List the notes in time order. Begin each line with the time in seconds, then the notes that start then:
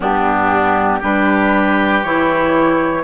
0.00 G2 B3 D4 G4
0.99 G3 D4 G4 B4
2.03 E3 E4 C#5